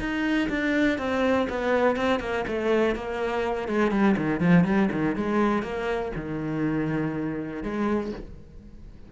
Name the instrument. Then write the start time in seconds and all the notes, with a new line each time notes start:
cello
0.00 D#4
0.49 D4
0.99 C4
1.50 B3
1.97 C4
2.20 A#3
2.48 A3
2.96 A#3
3.69 G#3
3.91 G3
4.17 D#3
4.41 F3
4.65 G3
4.92 D#3
5.17 G#3
5.63 A#3
6.17 D#3
7.63 G#3